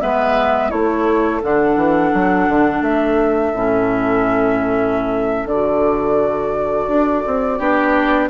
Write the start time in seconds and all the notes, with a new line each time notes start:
0.00 G#3 B3 B4 E5
0.70 A3 E4 A4 C#5
1.43 D3 D4 F#5
1.76 E3
2.14 F#3
2.49 D3
2.81 A3 E5
3.54 A2 C#4
5.46 D3 F#4 D5
6.88 D4
7.27 C4
7.59 B3 D4 G4